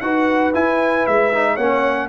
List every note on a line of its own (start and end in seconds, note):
0.00 0.53 D#4
0.00 0.53 F#4
0.00 1.53 B4
0.00 0.52 F#5
0.53 1.32 E4
0.53 1.06 E4
0.53 1.06 G#5
1.06 1.57 G#3
1.06 1.56 E5
1.32 1.58 D#4
1.53 2.08 A#3
1.53 2.08 C#4
1.53 2.06 C#5
1.53 2.08 F#5